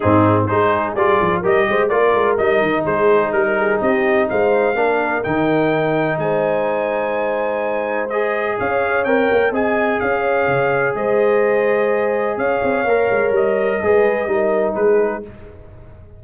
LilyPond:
<<
  \new Staff \with { instrumentName = "trumpet" } { \time 4/4 \tempo 4 = 126 gis'4 c''4 d''4 dis''4 | d''4 dis''4 c''4 ais'4 | dis''4 f''2 g''4~ | g''4 gis''2.~ |
gis''4 dis''4 f''4 g''4 | gis''4 f''2 dis''4~ | dis''2 f''2 | dis''2. b'4 | }
  \new Staff \with { instrumentName = "horn" } { \time 4/4 dis'4 gis'2 ais'8 c''8 | ais'2 gis'4 ais'8 gis'8 | g'4 c''4 ais'2~ | ais'4 c''2.~ |
c''2 cis''2 | dis''4 cis''2 c''4~ | c''2 cis''2~ | cis''4 b'4 ais'4 gis'4 | }
  \new Staff \with { instrumentName = "trombone" } { \time 4/4 c'4 dis'4 f'4 g'4 | f'4 dis'2.~ | dis'2 d'4 dis'4~ | dis'1~ |
dis'4 gis'2 ais'4 | gis'1~ | gis'2. ais'4~ | ais'4 gis'4 dis'2 | }
  \new Staff \with { instrumentName = "tuba" } { \time 4/4 gis,4 gis4 g8 f8 g8 gis8 | ais8 gis8 g8 dis8 gis4 g4 | c'4 gis4 ais4 dis4~ | dis4 gis2.~ |
gis2 cis'4 c'8 ais8 | c'4 cis'4 cis4 gis4~ | gis2 cis'8 c'8 ais8 gis8 | g4 gis4 g4 gis4 | }
>>